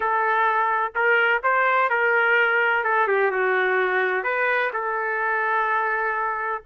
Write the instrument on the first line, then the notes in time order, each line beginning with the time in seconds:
trumpet
0.00 A4
0.95 A#4
1.43 C5
1.89 A#4
2.84 A4
3.07 G4
3.31 F#4
4.23 B4
4.73 A4